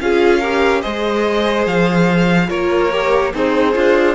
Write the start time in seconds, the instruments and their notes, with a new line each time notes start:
0.00 cello C#4, viola F4, violin G#4 F5
0.39 viola G4, violin A#4
0.81 cello G#3, viola G#4, violin C5 D#5
1.66 cello F3, violin F5
2.48 cello A#3, viola F4, violin A#4 C#5
2.92 viola G4
3.33 cello C4, violin D#4 C5, viola G#4
3.74 cello D4, violin F4